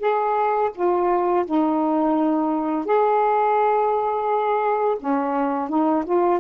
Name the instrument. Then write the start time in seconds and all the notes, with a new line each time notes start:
saxophone
0.00 G#4
0.75 F4
1.46 D#4
2.86 G#4
5.00 C#4
5.69 D#4
6.05 F4